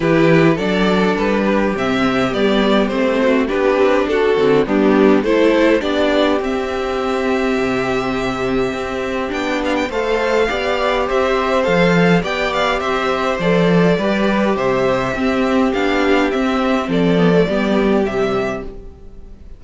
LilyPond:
<<
  \new Staff \with { instrumentName = "violin" } { \time 4/4 \tempo 4 = 103 b'4 d''4 b'4 e''4 | d''4 c''4 b'4 a'4 | g'4 c''4 d''4 e''4~ | e''1 |
g''8 f''16 g''16 f''2 e''4 | f''4 g''8 f''8 e''4 d''4~ | d''4 e''2 f''4 | e''4 d''2 e''4 | }
  \new Staff \with { instrumentName = "violin" } { \time 4/4 g'4 a'4. g'4.~ | g'4. fis'8 g'4 fis'4 | d'4 a'4 g'2~ | g'1~ |
g'4 c''4 d''4 c''4~ | c''4 d''4 c''2 | b'4 c''4 g'2~ | g'4 a'4 g'2 | }
  \new Staff \with { instrumentName = "viola" } { \time 4/4 e'4 d'2 c'4 | b4 c'4 d'4. c'8 | b4 e'4 d'4 c'4~ | c'1 |
d'4 a'4 g'2 | a'4 g'2 a'4 | g'2 c'4 d'4 | c'4. b16 a16 b4 g4 | }
  \new Staff \with { instrumentName = "cello" } { \time 4/4 e4 fis4 g4 c4 | g4 a4 b8 c'8 d'8 d8 | g4 a4 b4 c'4~ | c'4 c2 c'4 |
b4 a4 b4 c'4 | f4 b4 c'4 f4 | g4 c4 c'4 b4 | c'4 f4 g4 c4 | }
>>